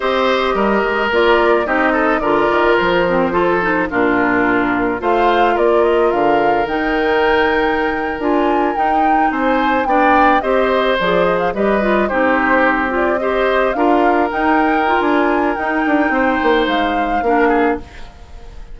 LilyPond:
<<
  \new Staff \with { instrumentName = "flute" } { \time 4/4 \tempo 4 = 108 dis''2 d''4 dis''4 | d''4 c''2 ais'4~ | ais'4 f''4 d''8 dis''8 f''4 | g''2~ g''8. gis''4 g''16~ |
g''8. gis''4 g''4 dis''4 d''16~ | d''16 dis''16 f''16 dis''4 c''4. d''8 dis''16~ | dis''8. f''4 g''4~ g''16 gis''4 | g''2 f''2 | }
  \new Staff \with { instrumentName = "oboe" } { \time 4/4 c''4 ais'2 g'8 a'8 | ais'2 a'4 f'4~ | f'4 c''4 ais'2~ | ais'1~ |
ais'8. c''4 d''4 c''4~ c''16~ | c''8. b'4 g'2 c''16~ | c''8. ais'2.~ ais'16~ | ais'4 c''2 ais'8 gis'8 | }
  \new Staff \with { instrumentName = "clarinet" } { \time 4/4 g'2 f'4 dis'4 | f'4. c'8 f'8 dis'8 d'4~ | d'4 f'2. | dis'2~ dis'8. f'4 dis'16~ |
dis'4.~ dis'16 d'4 g'4 gis'16~ | gis'8. g'8 f'8 dis'4. f'8 g'16~ | g'8. f'4 dis'4 f'4~ f'16 | dis'2. d'4 | }
  \new Staff \with { instrumentName = "bassoon" } { \time 4/4 c'4 g8 gis8 ais4 c'4 | d8 dis8 f2 ais,4~ | ais,4 a4 ais4 d4 | dis2~ dis8. d'4 dis'16~ |
dis'8. c'4 b4 c'4 f16~ | f8. g4 c'2~ c'16~ | c'8. d'4 dis'4~ dis'16 d'4 | dis'8 d'8 c'8 ais8 gis4 ais4 | }
>>